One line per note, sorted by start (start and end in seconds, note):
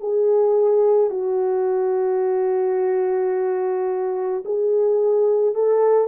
0.00 1.10 G#4
1.10 4.43 F#4
4.44 5.55 G#4
5.55 6.07 A4